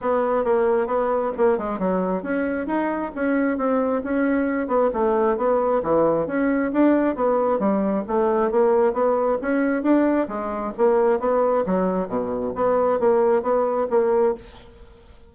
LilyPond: \new Staff \with { instrumentName = "bassoon" } { \time 4/4 \tempo 4 = 134 b4 ais4 b4 ais8 gis8 | fis4 cis'4 dis'4 cis'4 | c'4 cis'4. b8 a4 | b4 e4 cis'4 d'4 |
b4 g4 a4 ais4 | b4 cis'4 d'4 gis4 | ais4 b4 fis4 b,4 | b4 ais4 b4 ais4 | }